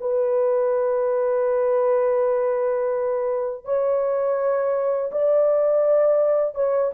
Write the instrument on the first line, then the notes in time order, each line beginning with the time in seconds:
horn
0.00 B4
3.65 C#5
5.12 D5
6.55 C#5